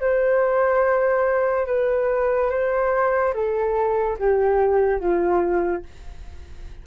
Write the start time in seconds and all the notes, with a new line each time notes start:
0.00 C5
1.66 B4
2.50 C5
3.34 A4
4.19 G4
4.99 F4